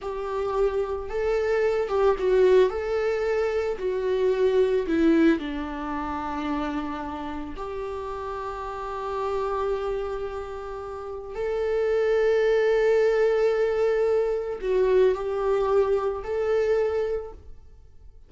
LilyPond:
\new Staff \with { instrumentName = "viola" } { \time 4/4 \tempo 4 = 111 g'2 a'4. g'8 | fis'4 a'2 fis'4~ | fis'4 e'4 d'2~ | d'2 g'2~ |
g'1~ | g'4 a'2.~ | a'2. fis'4 | g'2 a'2 | }